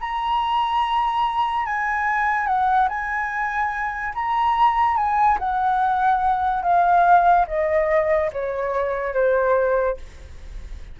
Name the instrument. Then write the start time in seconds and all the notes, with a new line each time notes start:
flute
0.00 A#5
1.66 G#5
2.47 F#5
2.89 G#5
4.15 A#5
4.97 G#5
5.39 F#5
6.62 F5
7.47 D#5
8.33 C#5
9.14 C5